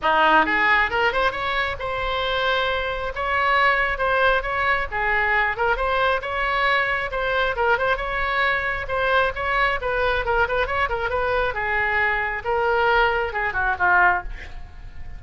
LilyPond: \new Staff \with { instrumentName = "oboe" } { \time 4/4 \tempo 4 = 135 dis'4 gis'4 ais'8 c''8 cis''4 | c''2. cis''4~ | cis''4 c''4 cis''4 gis'4~ | gis'8 ais'8 c''4 cis''2 |
c''4 ais'8 c''8 cis''2 | c''4 cis''4 b'4 ais'8 b'8 | cis''8 ais'8 b'4 gis'2 | ais'2 gis'8 fis'8 f'4 | }